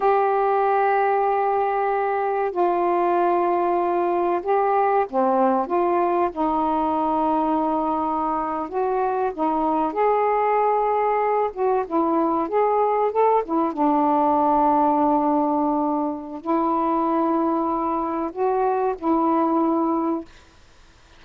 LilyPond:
\new Staff \with { instrumentName = "saxophone" } { \time 4/4 \tempo 4 = 95 g'1 | f'2. g'4 | c'4 f'4 dis'2~ | dis'4.~ dis'16 fis'4 dis'4 gis'16~ |
gis'2~ gis'16 fis'8 e'4 gis'16~ | gis'8. a'8 e'8 d'2~ d'16~ | d'2 e'2~ | e'4 fis'4 e'2 | }